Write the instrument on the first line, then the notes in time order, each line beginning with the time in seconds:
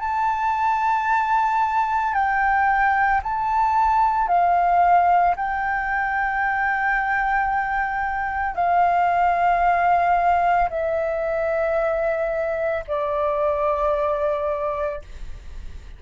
flute
0.00 A5
2.14 G5
3.23 A5
4.28 F5
5.36 G5
8.55 F5
10.70 E5
12.88 D5